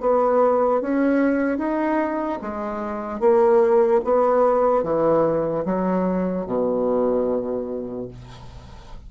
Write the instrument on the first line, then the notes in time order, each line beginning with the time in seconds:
bassoon
0.00 B3
0.81 C#4
1.58 D#4
2.42 G#3
3.20 A#3
4.04 B3
4.83 E3
5.65 F#3
6.46 B2